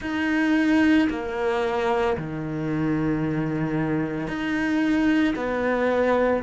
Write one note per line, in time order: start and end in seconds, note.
0.01 1.08 D#4
1.10 2.17 A#3
2.17 4.27 D#3
4.27 5.34 D#4
5.35 6.42 B3